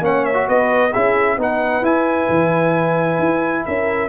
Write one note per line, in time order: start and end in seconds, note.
0.00 0.45 A#3
0.00 0.33 C#4
0.00 0.48 C#5
0.00 0.25 F#5
0.25 0.48 E5
0.33 0.90 F#4
0.48 0.94 B3
0.48 0.91 B4
0.48 0.93 D#5
0.91 1.37 C#4
0.91 1.37 E4
0.91 1.36 G#4
0.91 1.38 E5
1.37 1.82 B3
1.37 1.82 D#4
1.37 3.65 B4
1.37 1.85 F#5
1.82 2.27 E4
1.82 4.09 E4
1.82 3.65 G#5
2.29 3.19 E3
3.19 3.64 E4
3.65 4.09 C#4
3.65 4.09 A#4
3.65 4.09 E5